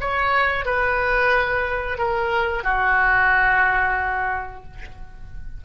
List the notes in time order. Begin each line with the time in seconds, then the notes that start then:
0.00 C#5
0.65 B4
1.98 A#4
2.63 F#4